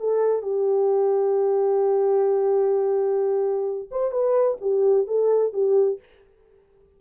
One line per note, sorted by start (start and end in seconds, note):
0.00 0.42 A4
0.42 3.89 G4
3.91 4.11 C5
4.11 4.58 B4
4.61 5.07 G4
5.07 5.53 A4
5.53 5.99 G4